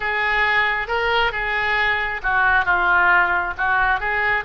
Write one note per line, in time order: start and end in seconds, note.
0.00 0.87 G#4
0.87 1.32 A#4
1.32 2.21 G#4
2.22 2.65 F#4
2.65 3.54 F4
3.57 4.00 F#4
4.00 4.44 G#4